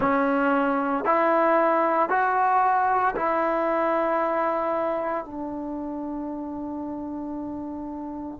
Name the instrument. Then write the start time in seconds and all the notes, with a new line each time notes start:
trombone
0.00 C#4
1.04 E4
2.09 F#4
3.16 E4
5.24 D4